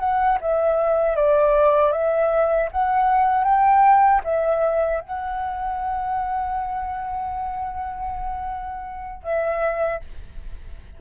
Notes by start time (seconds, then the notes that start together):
0.00 F#5
0.41 E5
1.16 D5
1.93 E5
2.72 F#5
3.44 G5
4.24 E5
5.01 F#5
9.23 E5